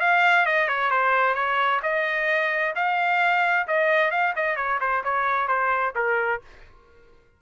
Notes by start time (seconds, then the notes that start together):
0.00 F5
0.46 D#5
0.68 C#5
0.91 C5
1.34 C#5
1.82 D#5
2.75 F5
3.67 D#5
4.11 F5
4.36 D#5
4.56 C#5
4.81 C5
5.04 C#5
5.48 C5
5.95 A#4